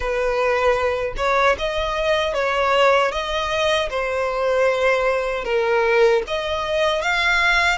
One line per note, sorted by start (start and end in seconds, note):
0.00 1.13 B4
1.17 1.55 C#5
1.58 2.34 D#5
2.34 3.11 C#5
3.11 3.89 D#5
3.90 5.44 C5
5.44 6.22 A#4
6.27 7.02 D#5
7.02 7.78 F5